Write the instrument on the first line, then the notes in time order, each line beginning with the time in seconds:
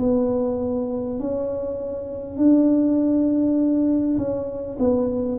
tuba
0.00 B3
1.20 C#4
2.38 D4
4.18 C#4
4.79 B3